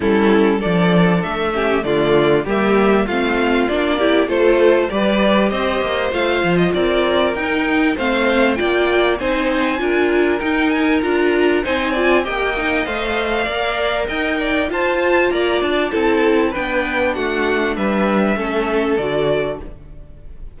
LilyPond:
<<
  \new Staff \with { instrumentName = "violin" } { \time 4/4 \tempo 4 = 98 a'4 d''4 e''4 d''4 | e''4 f''4 d''4 c''4 | d''4 dis''4 f''8. dis''16 d''4 | g''4 f''4 g''4 gis''4~ |
gis''4 g''8 gis''8 ais''4 gis''4 | g''4 f''2 g''4 | a''4 ais''8 a''4. g''4 | fis''4 e''2 d''4 | }
  \new Staff \with { instrumentName = "violin" } { \time 4/4 e'4 a'4. g'8 f'4 | g'4 f'4. g'8 a'4 | b'4 c''2 ais'4~ | ais'4 c''4 d''4 c''4 |
ais'2. c''8 d''8 | dis''2 d''4 dis''8 d''8 | c''4 d''4 a'4 b'4 | fis'4 b'4 a'2 | }
  \new Staff \with { instrumentName = "viola" } { \time 4/4 cis'4 d'4. cis'8 a4 | ais4 c'4 d'8 e'8 f'4 | g'2 f'2 | dis'4 c'4 f'4 dis'4 |
f'4 dis'4 f'4 dis'8 f'8 | g'8 dis'8 c''4 ais'2 | f'2 e'4 d'4~ | d'2 cis'4 fis'4 | }
  \new Staff \with { instrumentName = "cello" } { \time 4/4 g4 f4 a4 d4 | g4 a4 ais4 a4 | g4 c'8 ais8 a8 f8 c'4 | dis'4 a4 ais4 c'4 |
d'4 dis'4 d'4 c'4 | ais4 a4 ais4 dis'4 | f'4 ais8 d'8 c'4 b4 | a4 g4 a4 d4 | }
>>